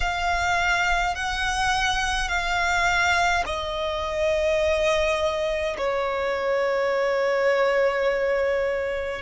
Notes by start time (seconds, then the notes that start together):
0.00 F5
1.15 F#5
2.28 F5
3.46 D#5
5.77 C#5